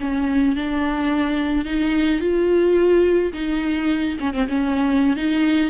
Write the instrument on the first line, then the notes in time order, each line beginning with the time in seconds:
viola
0.00 C#4
0.55 D4
1.65 D#4
2.20 F4
3.33 D#4
4.20 C#4
4.33 C4
4.48 C#4
5.16 D#4